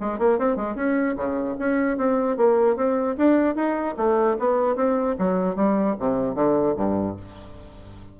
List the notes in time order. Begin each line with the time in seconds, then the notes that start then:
0.00 G#3
0.18 A#3
0.38 C4
0.56 G#3
0.75 C#4
1.16 C#3
1.59 C#4
1.97 C4
2.37 A#3
2.76 C4
3.17 D4
3.55 D#4
3.97 A3
4.39 B3
4.76 C4
5.18 F#3
5.55 G3
5.99 C3
6.35 D3
6.76 G2